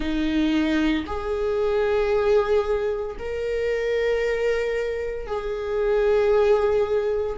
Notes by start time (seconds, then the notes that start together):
0.00 D#4
1.06 G#4
3.19 A#4
5.26 G#4